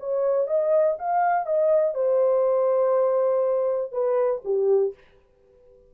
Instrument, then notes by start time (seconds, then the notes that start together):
horn
0.00 C#5
0.47 D#5
0.99 F5
1.46 D#5
1.95 C5
3.92 B4
4.45 G4